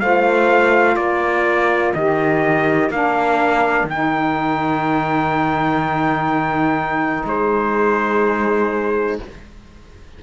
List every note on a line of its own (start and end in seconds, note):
0.00 0.97 A3
0.00 1.96 F4
0.00 0.99 C5
0.00 0.96 F5
0.96 1.93 A#3
0.96 7.28 A#4
0.96 1.93 D5
1.94 2.90 D#3
1.94 2.92 G4
1.94 2.91 D#5
2.90 3.84 A#3
2.90 3.88 D4
2.90 3.89 F5
3.84 7.23 D#3
3.84 7.27 G5
3.91 9.23 D#4
7.25 9.19 G#3
7.25 9.21 G#4
7.25 9.21 C5